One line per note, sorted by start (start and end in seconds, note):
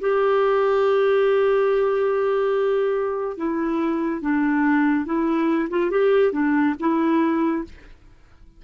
0.00 3.37 G4
3.37 4.21 E4
4.21 5.05 D4
5.05 5.69 E4
5.70 5.90 F4
5.90 6.32 G4
6.32 6.75 D4
6.80 7.64 E4